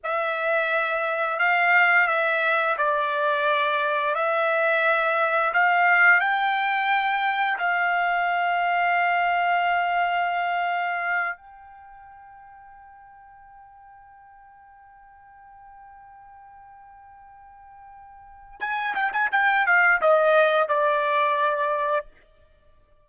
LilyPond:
\new Staff \with { instrumentName = "trumpet" } { \time 4/4 \tempo 4 = 87 e''2 f''4 e''4 | d''2 e''2 | f''4 g''2 f''4~ | f''1~ |
f''8 g''2.~ g''8~ | g''1~ | g''2. gis''8 g''16 gis''16 | g''8 f''8 dis''4 d''2 | }